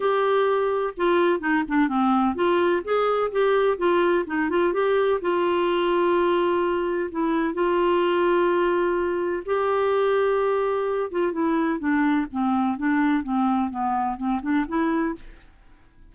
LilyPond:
\new Staff \with { instrumentName = "clarinet" } { \time 4/4 \tempo 4 = 127 g'2 f'4 dis'8 d'8 | c'4 f'4 gis'4 g'4 | f'4 dis'8 f'8 g'4 f'4~ | f'2. e'4 |
f'1 | g'2.~ g'8 f'8 | e'4 d'4 c'4 d'4 | c'4 b4 c'8 d'8 e'4 | }